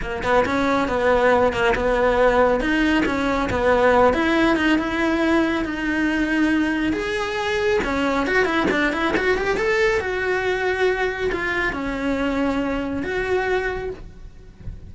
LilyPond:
\new Staff \with { instrumentName = "cello" } { \time 4/4 \tempo 4 = 138 ais8 b8 cis'4 b4. ais8 | b2 dis'4 cis'4 | b4. e'4 dis'8 e'4~ | e'4 dis'2. |
gis'2 cis'4 fis'8 e'8 | d'8 e'8 fis'8 g'8 a'4 fis'4~ | fis'2 f'4 cis'4~ | cis'2 fis'2 | }